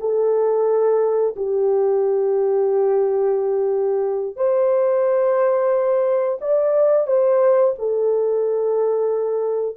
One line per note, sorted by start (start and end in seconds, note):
0.00 1.35 A4
1.36 4.36 G4
4.36 6.38 C5
6.41 7.07 D5
7.07 7.74 C5
7.78 9.76 A4